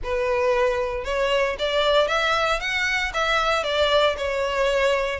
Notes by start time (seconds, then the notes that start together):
0.03 B4
1.04 C#5
1.58 D5
2.07 E5
2.59 F#5
3.13 E5
3.63 D5
4.17 C#5